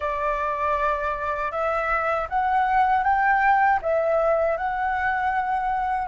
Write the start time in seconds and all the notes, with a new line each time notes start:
0.00 D5
1.51 E5
2.29 F#5
3.03 G5
3.81 E5
4.57 F#5